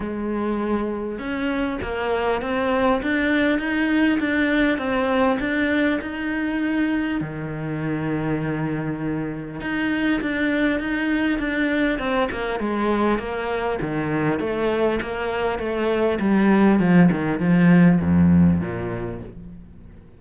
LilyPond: \new Staff \with { instrumentName = "cello" } { \time 4/4 \tempo 4 = 100 gis2 cis'4 ais4 | c'4 d'4 dis'4 d'4 | c'4 d'4 dis'2 | dis1 |
dis'4 d'4 dis'4 d'4 | c'8 ais8 gis4 ais4 dis4 | a4 ais4 a4 g4 | f8 dis8 f4 f,4 ais,4 | }